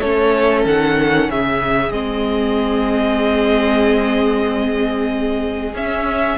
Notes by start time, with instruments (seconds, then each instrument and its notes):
0.00 cello A3, viola C#4, violin A4 C#5
0.65 cello D#3, violin F#5
1.30 cello C#3, violin G#4 E5
1.91 cello G#3, viola C4, violin D#5
5.73 cello C#4, viola C#4, violin E5